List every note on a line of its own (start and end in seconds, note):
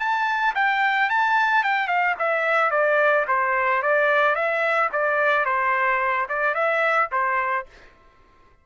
0.00 0.55 A5
0.56 1.10 G5
1.10 1.64 A5
1.64 1.88 G5
1.88 2.15 F5
2.19 2.71 E5
2.71 3.26 D5
3.28 3.83 C5
3.83 4.36 D5
4.36 4.90 E5
4.93 5.46 D5
5.46 6.28 C5
6.30 6.55 D5
6.55 7.09 E5
7.12 7.67 C5